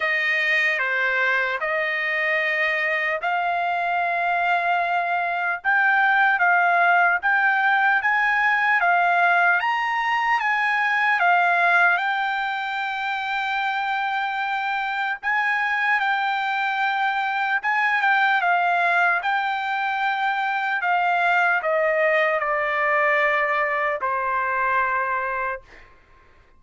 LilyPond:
\new Staff \with { instrumentName = "trumpet" } { \time 4/4 \tempo 4 = 75 dis''4 c''4 dis''2 | f''2. g''4 | f''4 g''4 gis''4 f''4 | ais''4 gis''4 f''4 g''4~ |
g''2. gis''4 | g''2 gis''8 g''8 f''4 | g''2 f''4 dis''4 | d''2 c''2 | }